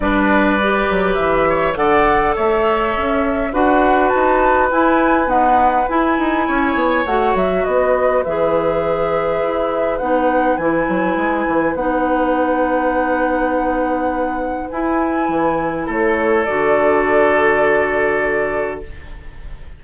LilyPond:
<<
  \new Staff \with { instrumentName = "flute" } { \time 4/4 \tempo 4 = 102 d''2 e''4 fis''4 | e''2 fis''4 a''4 | gis''4 fis''4 gis''2 | fis''8 e''8 dis''4 e''2~ |
e''4 fis''4 gis''2 | fis''1~ | fis''4 gis''2 cis''4 | d''1 | }
  \new Staff \with { instrumentName = "oboe" } { \time 4/4 b'2~ b'8 cis''8 d''4 | cis''2 b'2~ | b'2. cis''4~ | cis''4 b'2.~ |
b'1~ | b'1~ | b'2. a'4~ | a'1 | }
  \new Staff \with { instrumentName = "clarinet" } { \time 4/4 d'4 g'2 a'4~ | a'2 fis'2 | e'4 b4 e'2 | fis'2 gis'2~ |
gis'4 dis'4 e'2 | dis'1~ | dis'4 e'2. | fis'1 | }
  \new Staff \with { instrumentName = "bassoon" } { \time 4/4 g4. fis8 e4 d4 | a4 cis'4 d'4 dis'4 | e'4 dis'4 e'8 dis'8 cis'8 b8 | a8 fis8 b4 e2 |
e'4 b4 e8 fis8 gis8 e8 | b1~ | b4 e'4 e4 a4 | d1 | }
>>